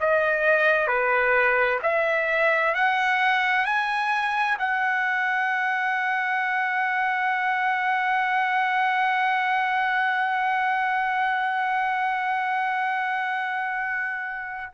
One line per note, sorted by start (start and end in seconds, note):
0.00 0.87 D#5
0.87 1.79 B4
1.83 2.74 E5
2.74 3.65 F#5
3.65 4.57 G#5
4.59 14.73 F#5